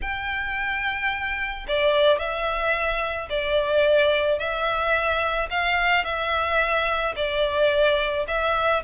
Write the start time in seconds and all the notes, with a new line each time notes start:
0.01 G5
1.68 D5
2.18 E5
3.29 D5
4.38 E5
5.50 F5
6.04 E5
7.16 D5
8.27 E5